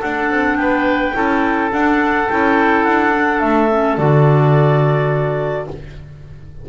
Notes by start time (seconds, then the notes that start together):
0.00 D4 A4 F#5
0.30 C4
0.56 B3 B4 G5
1.13 C#4 E4 A4
1.71 D4 F#5
2.29 C#4 E4 G5
2.84 D4 F#5
3.12 D4
3.40 A3 E5
3.70 C#4
3.97 D3 F#4 D5